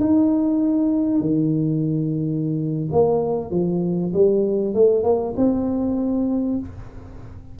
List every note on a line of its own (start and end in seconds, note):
0.00 1.21 D#4
1.21 2.89 D#3
2.92 3.51 A#3
3.51 4.12 F3
4.13 4.74 G3
4.74 5.03 A3
5.03 5.34 A#3
5.37 6.59 C4